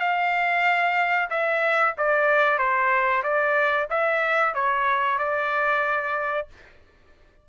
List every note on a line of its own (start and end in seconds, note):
0.00 1.29 F5
1.30 1.94 E5
1.97 2.58 D5
2.58 3.23 C5
3.23 3.88 D5
3.90 4.55 E5
4.55 5.18 C#5
5.18 6.48 D5